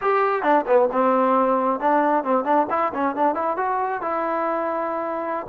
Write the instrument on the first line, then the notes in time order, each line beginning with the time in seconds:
trombone
0.01 G4
0.42 D4
0.67 B3
0.91 C4
1.80 D4
2.24 C4
2.44 D4
2.70 E4
2.94 C#4
3.15 D4
3.34 E4
3.56 F#4
4.01 E4